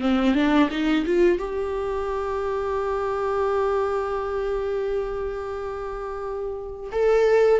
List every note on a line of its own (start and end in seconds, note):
0.00 0.34 C4
0.34 0.69 D4
0.70 1.05 D#4
1.05 1.38 F4
1.38 6.90 G4
6.92 7.60 A4